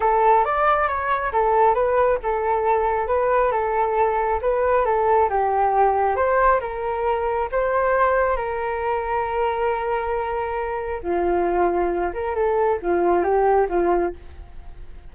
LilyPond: \new Staff \with { instrumentName = "flute" } { \time 4/4 \tempo 4 = 136 a'4 d''4 cis''4 a'4 | b'4 a'2 b'4 | a'2 b'4 a'4 | g'2 c''4 ais'4~ |
ais'4 c''2 ais'4~ | ais'1~ | ais'4 f'2~ f'8 ais'8 | a'4 f'4 g'4 f'4 | }